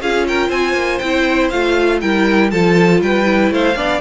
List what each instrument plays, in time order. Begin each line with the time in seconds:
0.00 cello C#4, viola F4, violin G#4 F5
0.27 violin A#4 G5
0.48 cello C4, violin C5 G#5
0.73 cello A#3
0.98 cello C4, viola E4, violin G5
1.49 cello A3, viola F4, violin F5
2.01 cello G3, viola E4, violin A#4 G5
2.50 cello F3, viola F4, violin A4 A5
3.01 cello G3, violin B4 G5
3.24 viola E4
3.50 cello A3, violin C5 F5
3.75 cello B3, viola D4, violin D5